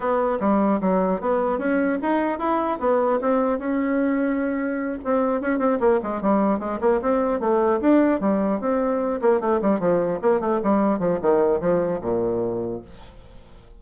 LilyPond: \new Staff \with { instrumentName = "bassoon" } { \time 4/4 \tempo 4 = 150 b4 g4 fis4 b4 | cis'4 dis'4 e'4 b4 | c'4 cis'2.~ | cis'8 c'4 cis'8 c'8 ais8 gis8 g8~ |
g8 gis8 ais8 c'4 a4 d'8~ | d'8 g4 c'4. ais8 a8 | g8 f4 ais8 a8 g4 f8 | dis4 f4 ais,2 | }